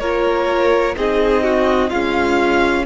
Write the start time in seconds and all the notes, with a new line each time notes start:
0.00 A#3 F4 A#4 C#5
0.96 C4 D#4 G#4 D#5
1.43 F#4
1.89 G#3 C#4 F4 F5